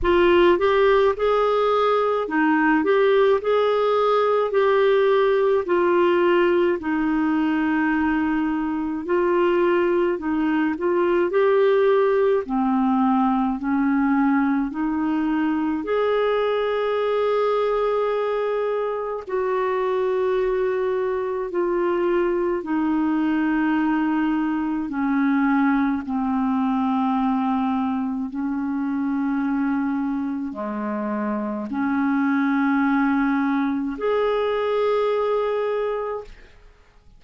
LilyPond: \new Staff \with { instrumentName = "clarinet" } { \time 4/4 \tempo 4 = 53 f'8 g'8 gis'4 dis'8 g'8 gis'4 | g'4 f'4 dis'2 | f'4 dis'8 f'8 g'4 c'4 | cis'4 dis'4 gis'2~ |
gis'4 fis'2 f'4 | dis'2 cis'4 c'4~ | c'4 cis'2 gis4 | cis'2 gis'2 | }